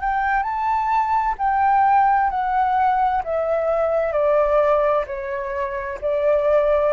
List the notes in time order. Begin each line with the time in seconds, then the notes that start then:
0.00 G5
0.42 A5
1.37 G5
2.30 F#5
3.23 E5
4.12 D5
5.06 C#5
6.01 D5